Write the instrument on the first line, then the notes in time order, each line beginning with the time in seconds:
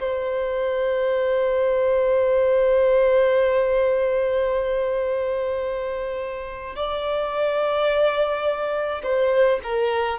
violin
0.00 C5
6.76 D5
9.03 C5
9.63 A#4